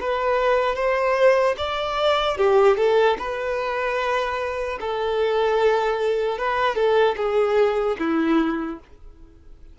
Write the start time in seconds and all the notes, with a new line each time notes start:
0.00 B4
0.76 C5
1.57 D5
2.37 G4
2.77 A4
3.19 B4
4.80 A4
6.39 B4
6.76 A4
7.17 G#4
7.99 E4